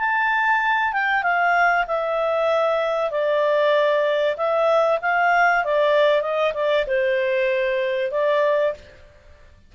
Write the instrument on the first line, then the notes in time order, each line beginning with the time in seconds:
clarinet
0.00 A5
0.93 G5
1.23 F5
1.88 E5
3.11 D5
4.37 E5
5.02 F5
5.65 D5
6.22 D#5
6.54 D5
6.87 C5
8.12 D5